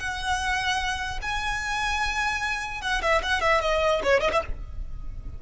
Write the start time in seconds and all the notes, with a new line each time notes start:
0.00 F#5
1.22 G#5
2.82 F#5
3.02 E5
3.23 F#5
3.41 E5
3.61 D#5
4.04 C#5
4.21 D#5
4.33 E5